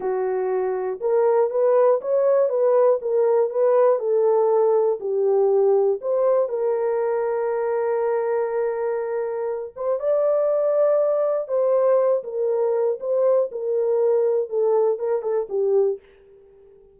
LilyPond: \new Staff \with { instrumentName = "horn" } { \time 4/4 \tempo 4 = 120 fis'2 ais'4 b'4 | cis''4 b'4 ais'4 b'4 | a'2 g'2 | c''4 ais'2.~ |
ais'2.~ ais'8 c''8 | d''2. c''4~ | c''8 ais'4. c''4 ais'4~ | ais'4 a'4 ais'8 a'8 g'4 | }